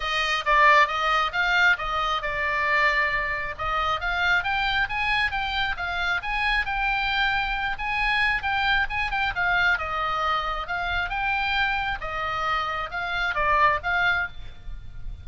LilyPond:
\new Staff \with { instrumentName = "oboe" } { \time 4/4 \tempo 4 = 135 dis''4 d''4 dis''4 f''4 | dis''4 d''2. | dis''4 f''4 g''4 gis''4 | g''4 f''4 gis''4 g''4~ |
g''4. gis''4. g''4 | gis''8 g''8 f''4 dis''2 | f''4 g''2 dis''4~ | dis''4 f''4 d''4 f''4 | }